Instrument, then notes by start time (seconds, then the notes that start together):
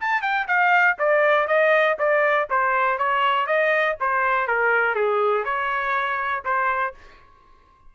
trumpet
0.00 A5
0.22 G5
0.47 F5
0.98 D5
1.47 D#5
1.98 D5
2.50 C5
2.98 C#5
3.47 D#5
4.00 C5
4.47 A#4
4.95 G#4
5.45 C#5
6.44 C5